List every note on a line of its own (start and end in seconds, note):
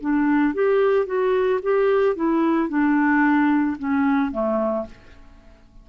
0.00 0.53 D4
0.53 1.05 G4
1.05 1.59 F#4
1.62 2.15 G4
2.15 2.68 E4
2.68 3.76 D4
3.78 4.31 C#4
4.31 4.85 A3